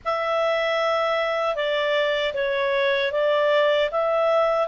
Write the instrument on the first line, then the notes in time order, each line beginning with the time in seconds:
clarinet
0.04 E5
1.55 D5
2.34 C#5
3.12 D5
3.91 E5